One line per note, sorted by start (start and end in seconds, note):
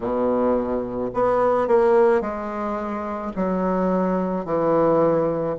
0.00 1.10 B2
1.14 1.67 B3
1.67 2.21 A#3
2.21 3.32 G#3
3.36 4.44 F#3
4.44 5.56 E3